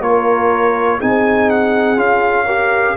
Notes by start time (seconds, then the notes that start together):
0.00 A#3 F4 A#4 C#5
0.98 C4 D#4 G#4 G#5
1.50 F#5
1.96 C#4 F4 F5
2.45 G4 A#4